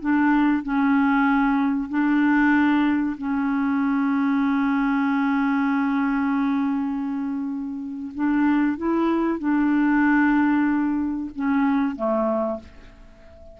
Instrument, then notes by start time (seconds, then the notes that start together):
clarinet
0.00 D4
0.63 C#4
1.89 D4
3.17 C#4
8.15 D4
8.77 E4
9.39 D4
11.35 C#4
11.96 A3